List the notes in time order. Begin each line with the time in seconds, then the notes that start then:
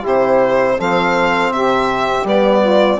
0.00 C3 E4 G4
0.08 C5
0.78 F3 C4 A4 F5
1.51 C3 G4 E5
2.24 G3 B3 D5
2.61 F4